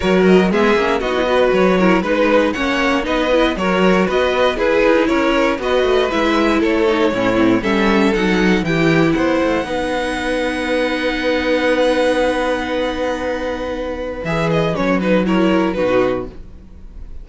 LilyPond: <<
  \new Staff \with { instrumentName = "violin" } { \time 4/4 \tempo 4 = 118 cis''8 dis''8 e''4 dis''4 cis''4 | b'4 fis''4 dis''4 cis''4 | dis''4 b'4 cis''4 dis''4 | e''4 cis''2 e''4 |
fis''4 g''4 fis''2~ | fis''1~ | fis''1 | e''8 dis''8 cis''8 b'8 cis''4 b'4 | }
  \new Staff \with { instrumentName = "violin" } { \time 4/4 ais'4 gis'4 fis'8 b'4 ais'8 | b'4 cis''4 b'4 ais'4 | b'4 gis'4 ais'4 b'4~ | b'4 a'4 e'4 a'4~ |
a'4 g'4 c''4 b'4~ | b'1~ | b'1~ | b'2 ais'4 fis'4 | }
  \new Staff \with { instrumentName = "viola" } { \time 4/4 fis'4 b8 cis'8 dis'16 e'16 fis'4 e'8 | dis'4 cis'4 dis'8 e'8 fis'4~ | fis'4 e'2 fis'4 | e'4. dis'8 cis'8 c'8 cis'4 |
dis'4 e'2 dis'4~ | dis'1~ | dis'1 | gis'4 cis'8 dis'8 e'4 dis'4 | }
  \new Staff \with { instrumentName = "cello" } { \time 4/4 fis4 gis8 ais8 b4 fis4 | gis4 ais4 b4 fis4 | b4 e'8 dis'8 cis'4 b8 a8 | gis4 a4 a,4 g4 |
fis4 e4 b8 a8 b4~ | b1~ | b1 | e4 fis2 b,4 | }
>>